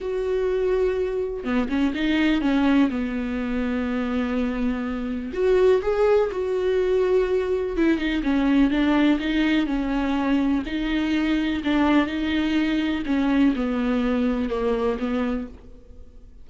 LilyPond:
\new Staff \with { instrumentName = "viola" } { \time 4/4 \tempo 4 = 124 fis'2. b8 cis'8 | dis'4 cis'4 b2~ | b2. fis'4 | gis'4 fis'2. |
e'8 dis'8 cis'4 d'4 dis'4 | cis'2 dis'2 | d'4 dis'2 cis'4 | b2 ais4 b4 | }